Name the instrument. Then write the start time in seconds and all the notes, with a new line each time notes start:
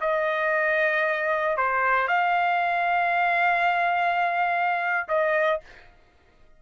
trumpet
0.00 D#5
1.57 C5
2.08 F5
5.08 D#5